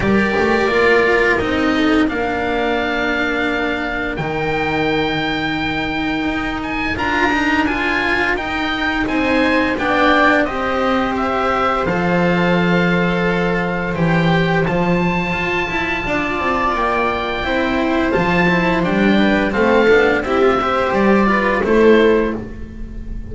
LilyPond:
<<
  \new Staff \with { instrumentName = "oboe" } { \time 4/4 \tempo 4 = 86 d''2 dis''4 f''4~ | f''2 g''2~ | g''4. gis''8 ais''4 gis''4 | g''4 gis''4 g''4 dis''4 |
e''4 f''2. | g''4 a''2. | g''2 a''4 g''4 | f''4 e''4 d''4 c''4 | }
  \new Staff \with { instrumentName = "viola" } { \time 4/4 ais'2~ ais'8 a'8 ais'4~ | ais'1~ | ais'1~ | ais'4 c''4 d''4 c''4~ |
c''1~ | c''2. d''4~ | d''4 c''2~ c''8 b'8 | a'4 g'8 c''4 b'8 a'4 | }
  \new Staff \with { instrumentName = "cello" } { \time 4/4 g'4 f'4 dis'4 d'4~ | d'2 dis'2~ | dis'2 f'8 dis'8 f'4 | dis'2 d'4 g'4~ |
g'4 a'2. | g'4 f'2.~ | f'4 e'4 f'8 e'8 d'4 | c'8 d'8 e'16 f'16 g'4 f'8 e'4 | }
  \new Staff \with { instrumentName = "double bass" } { \time 4/4 g8 a8 ais4 c'4 ais4~ | ais2 dis2~ | dis4 dis'4 d'2 | dis'4 c'4 b4 c'4~ |
c'4 f2. | e4 f4 f'8 e'8 d'8 c'8 | ais4 c'4 f4 g4 | a8 b8 c'4 g4 a4 | }
>>